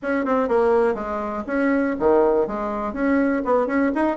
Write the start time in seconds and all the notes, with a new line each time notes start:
0.02 C#4
0.25 C4
0.48 A#3
0.94 G#3
1.46 C#4
1.99 D#3
2.47 G#3
2.93 C#4
3.44 B3
3.67 C#4
3.95 D#4